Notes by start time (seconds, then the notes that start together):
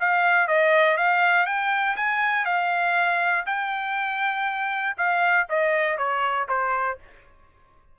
0.00 F5
0.48 D#5
0.97 F5
1.46 G5
1.97 G#5
2.45 F5
3.46 G5
4.97 F5
5.49 D#5
5.98 C#5
6.49 C5